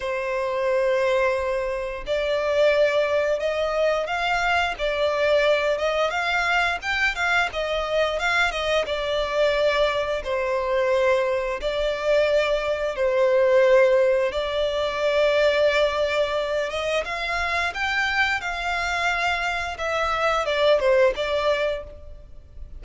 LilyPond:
\new Staff \with { instrumentName = "violin" } { \time 4/4 \tempo 4 = 88 c''2. d''4~ | d''4 dis''4 f''4 d''4~ | d''8 dis''8 f''4 g''8 f''8 dis''4 | f''8 dis''8 d''2 c''4~ |
c''4 d''2 c''4~ | c''4 d''2.~ | d''8 dis''8 f''4 g''4 f''4~ | f''4 e''4 d''8 c''8 d''4 | }